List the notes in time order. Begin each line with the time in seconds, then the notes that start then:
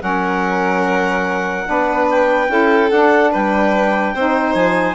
0.00 F#3 C#4 A#4 F#5
1.66 B3 D4 B4
2.10 G5
2.49 C#4 E4 A4
2.91 D4 F#5
3.31 G3 B4 G5
4.14 C4 D#4 C5
4.54 F3 G#5